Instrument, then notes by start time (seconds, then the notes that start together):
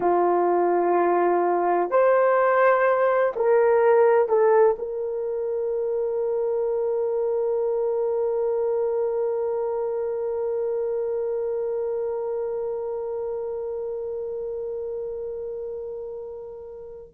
horn
0.00 F4
1.90 C5
3.36 A#4
4.28 A4
4.78 A#4